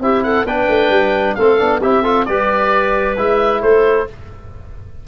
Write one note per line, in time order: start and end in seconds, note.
0.00 0.44 C4
0.00 0.46 E4
0.00 0.24 G4
0.00 0.23 E5
0.23 0.46 A4
0.23 0.45 F#5
0.44 0.67 B3
0.44 1.38 D4
0.44 1.36 B4
0.44 1.35 G5
0.68 0.89 A3
0.89 1.34 G3
1.35 1.60 A3
1.35 1.58 C4
1.35 1.80 A4
1.35 1.80 F5
1.58 1.83 B3
1.58 1.80 D4
1.80 2.27 C4
1.80 2.04 E4
1.80 2.02 G4
1.80 2.25 E5
2.02 2.26 F4
2.02 2.25 A4
2.25 3.17 G3
2.25 3.16 G4
2.25 3.61 B4
2.25 3.15 D5
3.16 3.62 G#3
3.16 4.06 E4
3.16 3.62 E5
3.61 4.07 A3
3.61 4.07 A4
3.61 4.07 C5